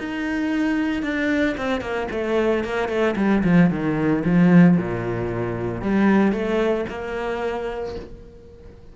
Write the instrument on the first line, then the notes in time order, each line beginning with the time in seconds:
cello
0.00 D#4
1.03 D4
1.58 C4
1.81 A#3
2.11 A3
2.65 A#3
2.89 A3
3.17 G3
3.44 F3
3.71 D#3
4.25 F3
4.78 A#2
5.82 G3
6.33 A3
6.90 A#3